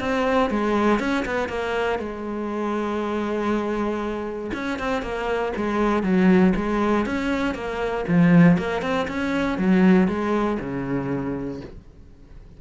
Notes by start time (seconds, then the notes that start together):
0.00 C4
0.50 G#3
0.99 C#4
1.26 B3
1.49 A#3
1.99 G#3
4.54 C#4
4.79 C4
5.02 A#3
5.56 G#3
6.03 F#3
6.56 G#3
7.06 C#4
7.55 A#3
8.08 F3
8.58 A#3
8.82 C4
9.08 C#4
9.58 F#3
10.08 G#3
10.60 C#3